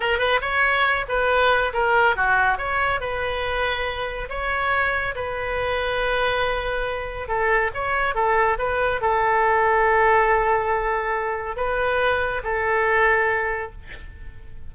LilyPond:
\new Staff \with { instrumentName = "oboe" } { \time 4/4 \tempo 4 = 140 ais'8 b'8 cis''4. b'4. | ais'4 fis'4 cis''4 b'4~ | b'2 cis''2 | b'1~ |
b'4 a'4 cis''4 a'4 | b'4 a'2.~ | a'2. b'4~ | b'4 a'2. | }